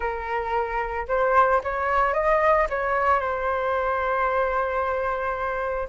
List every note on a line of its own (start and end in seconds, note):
0.00 1.06 A#4
1.08 1.61 C5
1.63 2.13 C#5
2.13 2.67 D#5
2.69 3.20 C#5
3.20 5.88 C5